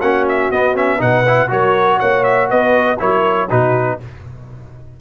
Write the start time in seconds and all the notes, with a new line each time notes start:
0.00 A#3 C#4 F#4 F#5
0.28 E5
0.51 B3 D#5
0.75 C#4 E5
0.98 B2 D#4 B4 F#5
1.27 E4
1.48 F#3 F#4 A#4 C#5
1.99 A#3 C#5 F#5
2.23 E5
2.49 B3 B4 D#5
2.99 F#3 E4 A#4 C#5
3.48 B2 D#4 F#4 B4